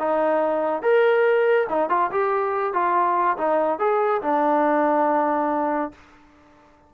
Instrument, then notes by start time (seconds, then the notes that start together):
trombone
0.00 D#4
0.83 A#4
1.69 D#4
1.90 F4
2.11 G4
2.74 F4
3.38 D#4
3.79 G#4
4.22 D4